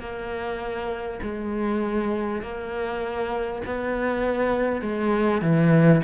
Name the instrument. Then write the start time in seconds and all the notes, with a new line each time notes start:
cello
0.00 A#3
1.22 G#3
2.42 A#3
3.65 B3
4.81 G#3
5.41 E3